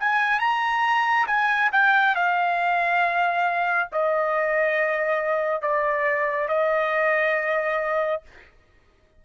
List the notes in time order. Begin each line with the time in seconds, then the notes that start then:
0.00 G#5
0.40 A#5
1.27 G#5
1.72 G5
2.15 F5
3.92 D#5
5.62 D5
6.48 D#5